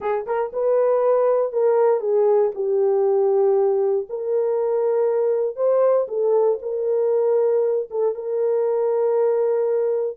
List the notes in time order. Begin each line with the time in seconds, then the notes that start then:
0.00 G#4
0.26 A#4
0.52 B4
1.52 A#4
2.00 G#4
2.54 G4
4.09 A#4
5.56 C5
6.08 A4
6.61 A#4
7.90 A4
8.14 A#4